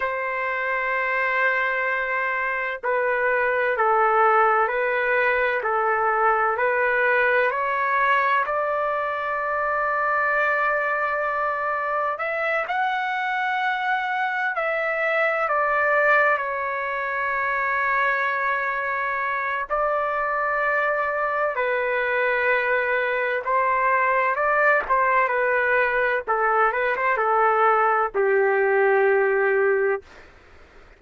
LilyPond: \new Staff \with { instrumentName = "trumpet" } { \time 4/4 \tempo 4 = 64 c''2. b'4 | a'4 b'4 a'4 b'4 | cis''4 d''2.~ | d''4 e''8 fis''2 e''8~ |
e''8 d''4 cis''2~ cis''8~ | cis''4 d''2 b'4~ | b'4 c''4 d''8 c''8 b'4 | a'8 b'16 c''16 a'4 g'2 | }